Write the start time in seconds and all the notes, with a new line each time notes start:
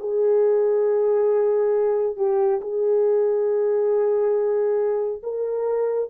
0.00 G#4
2.17 G4
2.61 G#4
5.23 A#4